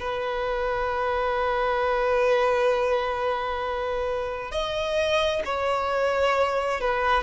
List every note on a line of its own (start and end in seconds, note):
0.00 4.52 B4
4.52 5.43 D#5
5.45 6.81 C#5
6.81 7.24 B4